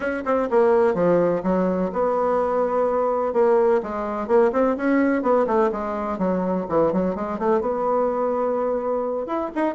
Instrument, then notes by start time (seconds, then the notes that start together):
bassoon
0.00 C#4
0.25 C4
0.50 A#3
0.94 F3
1.43 F#3
1.93 B3
3.33 A#3
3.82 G#3
4.27 A#3
4.52 C4
4.76 C#4
5.22 B3
5.46 A3
5.72 G#3
6.18 F#3
6.68 E3
6.92 F#3
7.15 G#3
7.39 A3
7.60 B3
9.26 E4
9.55 D#4